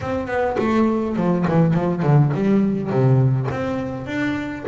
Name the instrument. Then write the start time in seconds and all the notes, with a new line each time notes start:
double bass
0.00 C4
0.27 B3
0.58 A3
1.16 F3
1.47 E3
1.74 F3
2.02 D3
2.34 G3
2.89 C3
3.50 C4
4.06 D4